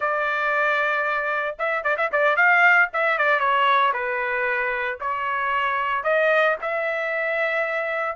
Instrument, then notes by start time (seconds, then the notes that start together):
trumpet
0.00 D5
1.58 E5
1.83 D5
1.97 E5
2.11 D5
2.36 F5
2.93 E5
3.17 D5
3.39 C#5
3.93 B4
5.00 C#5
6.03 D#5
6.61 E5